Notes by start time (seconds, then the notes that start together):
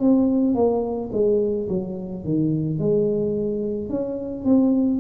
0.00 C4
0.55 A#3
1.13 G#3
1.69 F#3
2.25 D#3
2.79 G#3
3.90 C#4
4.45 C4